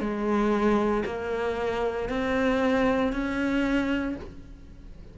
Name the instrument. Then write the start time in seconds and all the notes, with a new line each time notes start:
cello
0.00 G#3
1.05 A#3
2.09 C4
3.12 C#4